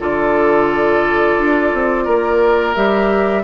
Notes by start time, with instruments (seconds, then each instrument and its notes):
0.00 bassoon D3, clarinet F4, oboe A4, flute D5
1.38 bassoon D4
1.74 bassoon C4
2.05 bassoon A#3, oboe A#4
2.75 bassoon G3, clarinet G4, flute E5